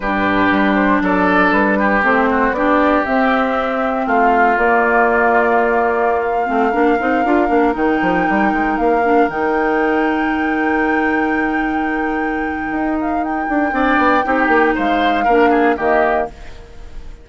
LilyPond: <<
  \new Staff \with { instrumentName = "flute" } { \time 4/4 \tempo 4 = 118 b'4. c''8 d''4 b'4 | c''4 d''4 e''2 | f''4 d''2.~ | d''16 f''2. g''8.~ |
g''4~ g''16 f''4 g''4.~ g''16~ | g''1~ | g''4. f''8 g''2~ | g''4 f''2 dis''4 | }
  \new Staff \with { instrumentName = "oboe" } { \time 4/4 g'2 a'4. g'8~ | g'8 fis'8 g'2. | f'1~ | f'4~ f'16 ais'2~ ais'8.~ |
ais'1~ | ais'1~ | ais'2. d''4 | g'4 c''4 ais'8 gis'8 g'4 | }
  \new Staff \with { instrumentName = "clarinet" } { \time 4/4 d'1 | c'4 d'4 c'2~ | c'4 ais2.~ | ais8. c'8 d'8 dis'8 f'8 d'8 dis'8.~ |
dis'4.~ dis'16 d'8 dis'4.~ dis'16~ | dis'1~ | dis'2. d'4 | dis'2 d'4 ais4 | }
  \new Staff \with { instrumentName = "bassoon" } { \time 4/4 g,4 g4 fis4 g4 | a4 b4 c'2 | a4 ais2.~ | ais8. a8 ais8 c'8 d'8 ais8 dis8 f16~ |
f16 g8 gis8 ais4 dis4.~ dis16~ | dis1~ | dis4 dis'4. d'8 c'8 b8 | c'8 ais8 gis4 ais4 dis4 | }
>>